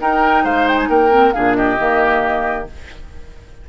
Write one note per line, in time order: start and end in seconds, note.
0.00 0.45 D#4
0.00 1.11 D#4
0.00 0.44 A#4
0.00 0.46 G5
0.44 0.89 G#3
0.44 0.89 C5
0.44 0.68 F5
0.68 0.78 G5
0.78 0.89 G#5
0.89 1.33 A#3
0.89 1.35 A#4
0.89 1.33 G5
1.11 1.33 C4
1.33 1.79 A#2
1.33 1.78 D4
1.33 1.57 G#4
1.33 1.55 F5
1.55 2.69 G4
1.55 2.67 D#5
1.78 2.69 D#3
1.78 2.67 A#3